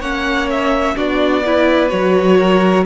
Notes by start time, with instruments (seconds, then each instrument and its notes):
0.00 cello A#3, viola C#4, violin C#5 F#5
0.51 violin E5
0.96 cello B3, viola D4, violin F#4 D5
1.45 viola E4, violin B4
1.89 cello F#3, viola F#4, violin C#5
2.38 violin A#4